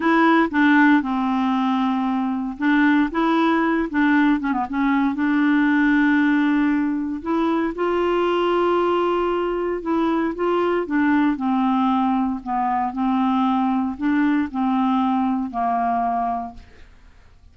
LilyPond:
\new Staff \with { instrumentName = "clarinet" } { \time 4/4 \tempo 4 = 116 e'4 d'4 c'2~ | c'4 d'4 e'4. d'8~ | d'8 cis'16 b16 cis'4 d'2~ | d'2 e'4 f'4~ |
f'2. e'4 | f'4 d'4 c'2 | b4 c'2 d'4 | c'2 ais2 | }